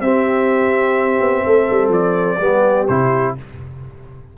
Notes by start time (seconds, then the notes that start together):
0.00 C4 G4 E5
1.20 B3
1.44 A3 A4
1.70 G3
1.88 F3 D5
2.39 G3 B3 G4
2.87 C3 E4 C5